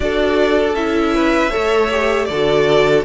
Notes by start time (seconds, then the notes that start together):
0.00 D4 F#4 A4 D5
0.74 C#4 E4 E5
1.15 B4
1.50 A3 A4 C#5
1.91 G4
2.25 D3 A4 D5
2.32 F#4